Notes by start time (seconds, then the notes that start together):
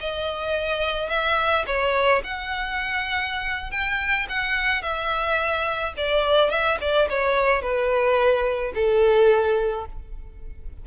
0.00 D#5
1.09 E5
1.67 C#5
2.24 F#5
3.71 G5
4.29 F#5
4.82 E5
5.97 D5
6.50 E5
6.81 D5
7.09 C#5
7.62 B4
8.75 A4